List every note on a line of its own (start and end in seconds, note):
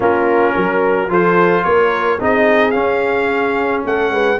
0.00 0.54 A#3
0.00 1.08 C#4
0.00 0.54 F4
0.00 1.12 A#4
0.54 1.09 F#3
0.54 1.09 A#4
1.08 1.64 F3
1.08 2.18 F4
1.08 1.65 A4
1.08 1.64 C5
1.64 2.20 A#3
1.64 2.20 A#4
1.64 2.19 C#5
2.20 2.73 C4
2.20 2.73 D#4
2.20 3.86 G#4
2.20 2.71 D#5
2.71 4.38 C#4
2.71 3.83 C#4
2.71 3.81 F5
3.85 4.10 A3
3.85 4.12 A4
3.85 4.39 F#5
4.10 4.37 G#3
4.10 4.39 B4